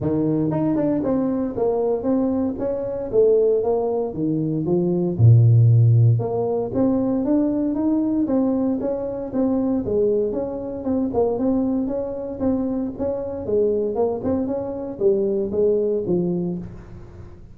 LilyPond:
\new Staff \with { instrumentName = "tuba" } { \time 4/4 \tempo 4 = 116 dis4 dis'8 d'8 c'4 ais4 | c'4 cis'4 a4 ais4 | dis4 f4 ais,2 | ais4 c'4 d'4 dis'4 |
c'4 cis'4 c'4 gis4 | cis'4 c'8 ais8 c'4 cis'4 | c'4 cis'4 gis4 ais8 c'8 | cis'4 g4 gis4 f4 | }